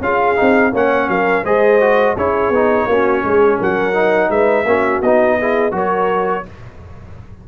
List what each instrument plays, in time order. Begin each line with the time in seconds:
0.00 tuba C#4, trombone F4, horn G#4, trumpet F5
0.36 tuba C4, trombone D#4
0.71 tuba A#3, trombone C#4, horn C#5, trumpet F#5
1.08 tuba F#3, horn A#4, trumpet F5
1.43 tuba G#3, trombone G#4, horn C5, trumpet D#5
1.80 trombone F#4
2.14 tuba C#4, trombone E4, horn G#4, trumpet C#5
2.50 tuba B3, trombone D#4
2.86 tuba A#3, trombone C#4, horn F#4
3.23 tuba G#3, horn G#4
3.58 tuba F#3, horn A#4, trumpet F#5
3.93 trombone D#4
4.29 tuba G#3, horn B4, trumpet E5
4.64 tuba A#3, trombone C#4, horn F#4
5.01 tuba B3, trombone D#4, trumpet D#5
5.38 trombone E4, horn G#4
5.71 tuba F#3, trombone F#4, horn A#4, trumpet C#5